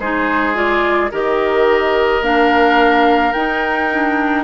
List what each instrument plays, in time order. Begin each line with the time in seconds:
0.00 bassoon G#3, clarinet D#4, oboe G#4, flute C5
0.55 clarinet F4, flute D5
1.12 bassoon D#3, clarinet G4, oboe A#4, flute D#5
2.22 bassoon A#3, clarinet D4, flute F5
3.33 clarinet D#4, bassoon D#4, flute G5
3.92 clarinet D4